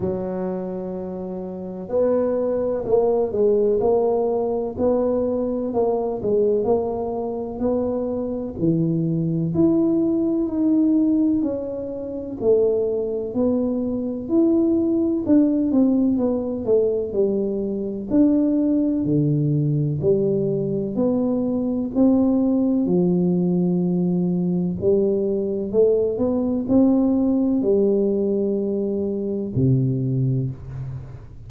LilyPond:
\new Staff \with { instrumentName = "tuba" } { \time 4/4 \tempo 4 = 63 fis2 b4 ais8 gis8 | ais4 b4 ais8 gis8 ais4 | b4 e4 e'4 dis'4 | cis'4 a4 b4 e'4 |
d'8 c'8 b8 a8 g4 d'4 | d4 g4 b4 c'4 | f2 g4 a8 b8 | c'4 g2 c4 | }